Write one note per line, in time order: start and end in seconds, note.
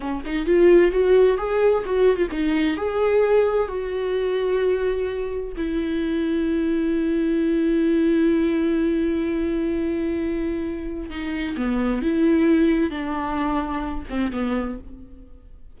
0.00 0.22 C#4
0.25 0.46 D#4
0.46 0.91 F4
0.91 1.37 F#4
1.37 1.83 G#4
1.85 2.16 F#4
2.16 2.27 F4
2.31 2.76 D#4
2.76 3.68 G#4
3.68 5.52 F#4
5.56 11.10 E4
11.10 11.56 D#4
11.56 12.02 B3
12.02 12.90 E4
12.90 14.05 D4
14.09 14.31 C4
14.31 14.78 B3